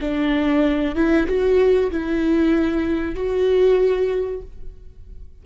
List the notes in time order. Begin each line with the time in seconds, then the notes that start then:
0.00 D4
0.95 E4
1.27 F#4
1.91 E4
3.15 F#4